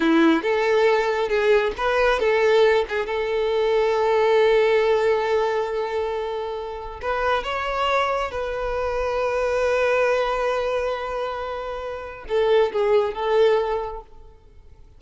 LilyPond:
\new Staff \with { instrumentName = "violin" } { \time 4/4 \tempo 4 = 137 e'4 a'2 gis'4 | b'4 a'4. gis'8 a'4~ | a'1~ | a'1 |
b'4 cis''2 b'4~ | b'1~ | b'1 | a'4 gis'4 a'2 | }